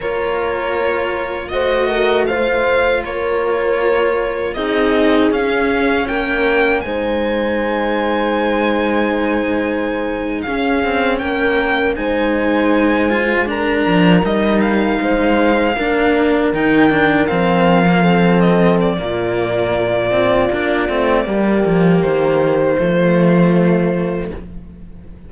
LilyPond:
<<
  \new Staff \with { instrumentName = "violin" } { \time 4/4 \tempo 4 = 79 cis''2 dis''4 f''4 | cis''2 dis''4 f''4 | g''4 gis''2.~ | gis''4.~ gis''16 f''4 g''4 gis''16~ |
gis''4.~ gis''16 ais''4 dis''8 f''8.~ | f''4.~ f''16 g''4 f''4~ f''16~ | f''16 dis''8 d''2.~ d''16~ | d''4 c''2. | }
  \new Staff \with { instrumentName = "horn" } { \time 4/4 ais'2 c''8 ais'8 c''4 | ais'2 gis'2 | ais'4 c''2.~ | c''4.~ c''16 gis'4 ais'4 c''16~ |
c''4.~ c''16 ais'2 c''16~ | c''8. ais'2. a'16~ | a'4 f'2. | g'2 f'2 | }
  \new Staff \with { instrumentName = "cello" } { \time 4/4 f'2 fis'4 f'4~ | f'2 dis'4 cis'4~ | cis'4 dis'2.~ | dis'4.~ dis'16 cis'2 dis'16~ |
dis'4~ dis'16 f'8 d'4 dis'4~ dis'16~ | dis'8. d'4 dis'8 d'8 c'8. ais16 c'16~ | c'4 ais4. c'8 d'8 c'8 | ais2 a2 | }
  \new Staff \with { instrumentName = "cello" } { \time 4/4 ais2 a2 | ais2 c'4 cis'4 | ais4 gis2.~ | gis4.~ gis16 cis'8 c'8 ais4 gis16~ |
gis2~ gis16 f8 g4 gis16~ | gis8. ais4 dis4 f4~ f16~ | f4 ais,2 ais8 a8 | g8 f8 dis4 f2 | }
>>